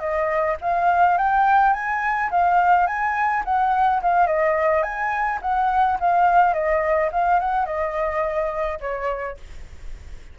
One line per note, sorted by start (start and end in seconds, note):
0.00 0.57 D#5
0.62 1.18 F5
1.18 1.74 G5
1.74 2.30 G#5
2.31 2.87 F5
2.87 3.44 G#5
3.45 4.02 F#5
4.02 4.27 F5
4.27 4.83 D#5
4.83 5.40 G#5
5.42 5.99 F#5
6.00 6.54 F5
6.54 7.10 D#5
7.12 7.40 F5
7.40 7.66 F#5
7.66 8.79 D#5
8.81 9.37 C#5